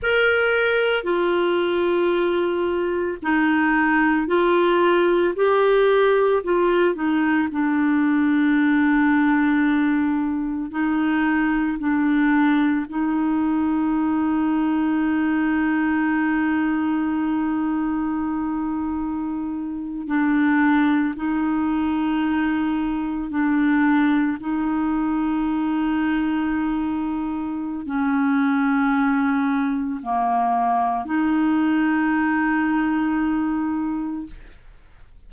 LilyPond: \new Staff \with { instrumentName = "clarinet" } { \time 4/4 \tempo 4 = 56 ais'4 f'2 dis'4 | f'4 g'4 f'8 dis'8 d'4~ | d'2 dis'4 d'4 | dis'1~ |
dis'2~ dis'8. d'4 dis'16~ | dis'4.~ dis'16 d'4 dis'4~ dis'16~ | dis'2 cis'2 | ais4 dis'2. | }